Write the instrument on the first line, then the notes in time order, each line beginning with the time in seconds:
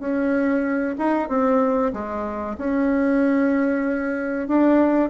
bassoon
0.00 C#4
0.99 D#4
1.29 C4
1.94 G#3
2.59 C#4
4.48 D4